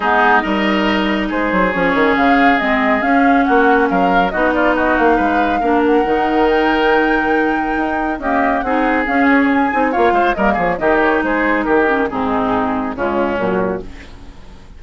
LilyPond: <<
  \new Staff \with { instrumentName = "flute" } { \time 4/4 \tempo 4 = 139 gis'4 dis''2 c''4 | cis''4 f''4 dis''4 f''4 | fis''4 f''4 dis''8 d''8 dis''8 f''8~ | f''4. fis''4. g''4~ |
g''2. dis''4 | fis''4 f''8 cis''8 gis''4 f''4 | dis''8 cis''8 dis''8 cis''8 c''4 ais'4 | gis'2 f'4 fis'4 | }
  \new Staff \with { instrumentName = "oboe" } { \time 4/4 dis'4 ais'2 gis'4~ | gis'1 | fis'4 ais'4 fis'8 f'8 fis'4 | b'4 ais'2.~ |
ais'2. g'4 | gis'2. cis''8 c''8 | ais'8 gis'8 g'4 gis'4 g'4 | dis'2 cis'2 | }
  \new Staff \with { instrumentName = "clarinet" } { \time 4/4 b4 dis'2. | cis'2 c'4 cis'4~ | cis'2 dis'2~ | dis'4 d'4 dis'2~ |
dis'2. ais4 | dis'4 cis'4. dis'8 f'4 | ais4 dis'2~ dis'8 cis'8 | c'2 gis4 fis4 | }
  \new Staff \with { instrumentName = "bassoon" } { \time 4/4 gis4 g2 gis8 fis8 | f8 dis8 cis4 gis4 cis'4 | ais4 fis4 b4. ais8 | gis4 ais4 dis2~ |
dis2 dis'4 cis'4 | c'4 cis'4. c'8 ais8 gis8 | g8 f8 dis4 gis4 dis4 | gis,2 cis4 ais,4 | }
>>